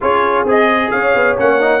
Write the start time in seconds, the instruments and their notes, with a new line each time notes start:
0.00 tuba C#4, trombone F4, horn G#4, trumpet C#5
0.45 tuba C4, trombone G#4, trumpet D#5
0.90 tuba C#4, horn C#5, trumpet F5
1.14 tuba B3
1.37 tuba A#3, trombone C#4, trumpet F#5
1.60 trombone D#4